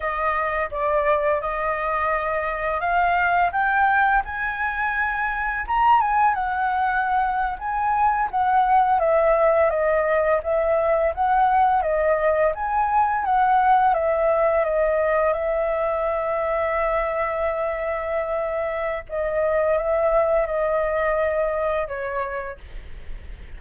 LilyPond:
\new Staff \with { instrumentName = "flute" } { \time 4/4 \tempo 4 = 85 dis''4 d''4 dis''2 | f''4 g''4 gis''2 | ais''8 gis''8 fis''4.~ fis''16 gis''4 fis''16~ | fis''8. e''4 dis''4 e''4 fis''16~ |
fis''8. dis''4 gis''4 fis''4 e''16~ | e''8. dis''4 e''2~ e''16~ | e''2. dis''4 | e''4 dis''2 cis''4 | }